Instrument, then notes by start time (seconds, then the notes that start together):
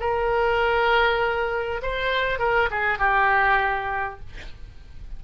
oboe
0.00 A#4
1.82 C5
2.39 A#4
2.71 G#4
2.99 G4